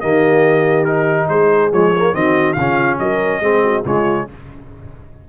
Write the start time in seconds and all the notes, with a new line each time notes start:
0.00 D#3 A#3 G4 D#5
0.85 D#4 A#4
1.29 G#3 G#4 C5
1.73 F3 G#3 C#5
1.96 A#3
2.13 D#3 C4 F#4 D#5
2.53 C#3 F4 F5
2.60 C#4
2.99 F#3 A#4 D#5
3.40 G#3 C4 G#4
3.64 F#4
3.85 C#3 G#3 F4 C#5